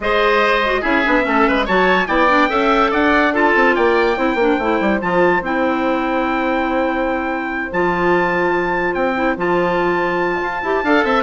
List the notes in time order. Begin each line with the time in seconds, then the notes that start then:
0.00 G#3 G#4 C5 D#5
0.65 F#4
0.81 C#4 E4 G#4 E5
1.04 B3 D4
1.21 A3 C#4
1.28 A4
1.47 G#3 B4
1.65 F#3 F#4 C#5 A5
2.06 B3 E4 D5 G5
2.28 D4
2.48 C#4 A4 E5
2.91 D4 D5 F#5
3.33 F4 A4 A5
3.55 C4
3.75 A#3 D5 G5
4.15 C4 E4 C5
4.34 A#3 D4
4.58 A3 E4
4.80 G3
5.01 F3 F4 A5
5.41 C4 E4 G5
7.71 F3 F4 A5
8.94 C4 G5
9.15 E4
9.36 F3 F4 A5
10.41 F4
10.62 E4 G4
10.83 D4 A4 F5
11.04 C4 E5